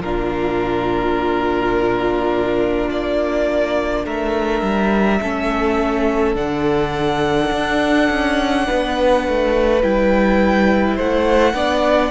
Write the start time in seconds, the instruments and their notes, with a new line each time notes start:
0.00 cello A#2, viola D4, violin F4 A#4
2.90 cello A#3, violin D5
4.05 cello A3, violin A#4 E5
4.62 cello G3
5.22 cello A3, viola C#4, violin A4
6.35 cello D3, viola D4, violin F#5
7.52 cello D4
8.10 cello C#4
8.66 cello B3, violin B4
9.28 cello A3
9.82 cello G3, viola E4, violin G5
10.96 cello A3, violin C5 F#5
11.54 cello B3, viola D4, violin D5